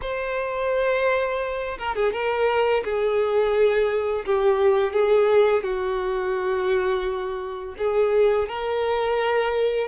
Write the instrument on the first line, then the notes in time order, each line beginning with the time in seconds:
violin
0.01 C5
1.78 A#4
1.95 G#4
2.12 A#4
2.84 G#4
4.25 G4
4.92 G#4
5.63 F#4
7.78 G#4
8.48 A#4